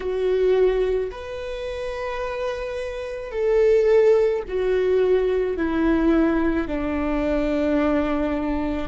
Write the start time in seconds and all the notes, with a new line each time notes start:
0.00 F#4
1.11 B4
3.31 A4
4.47 F#4
5.56 E4
6.67 D4